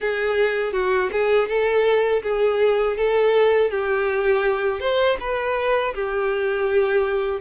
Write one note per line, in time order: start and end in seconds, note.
0.00 0.72 G#4
0.72 1.09 F#4
1.12 1.48 G#4
1.48 2.22 A4
2.23 2.96 G#4
2.96 3.70 A4
3.70 4.80 G4
4.80 5.17 C5
5.20 5.94 B4
5.94 7.40 G4